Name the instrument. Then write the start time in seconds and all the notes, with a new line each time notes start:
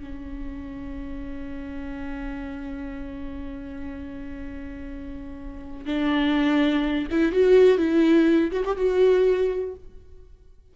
viola
0.00 C#4
5.86 D4
7.11 E4
7.32 F#4
7.78 E4
8.52 F#4
8.65 G4
8.77 F#4